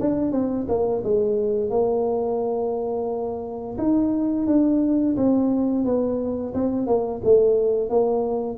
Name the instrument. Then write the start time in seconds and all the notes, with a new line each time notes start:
tuba
0.00 D4
0.32 C4
0.68 A#3
1.04 G#3
1.70 A#3
3.78 D#4
4.47 D4
5.16 C4
5.85 B3
6.54 C4
6.87 A#3
7.24 A3
7.90 A#3